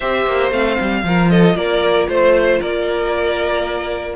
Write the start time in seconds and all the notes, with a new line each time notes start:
0.00 C4 G4 C5 E5
0.26 A#3
0.51 A3 C4 F5
0.80 G3
1.03 F3 F4 A#4
1.30 A4 D#5
1.55 A#3 A#4 D5
2.08 A3 C5
2.60 A#3 A#4 D5